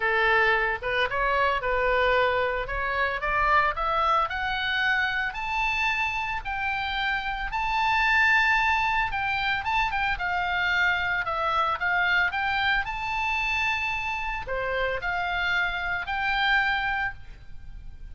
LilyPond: \new Staff \with { instrumentName = "oboe" } { \time 4/4 \tempo 4 = 112 a'4. b'8 cis''4 b'4~ | b'4 cis''4 d''4 e''4 | fis''2 a''2 | g''2 a''2~ |
a''4 g''4 a''8 g''8 f''4~ | f''4 e''4 f''4 g''4 | a''2. c''4 | f''2 g''2 | }